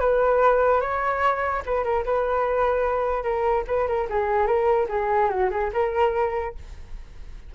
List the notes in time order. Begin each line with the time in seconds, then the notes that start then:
0.00 B4
0.81 C#5
1.65 B4
1.84 A#4
2.05 B4
3.23 A#4
3.67 B4
3.87 A#4
4.09 G#4
4.46 A#4
4.89 G#4
5.29 F#4
5.50 G#4
5.73 A#4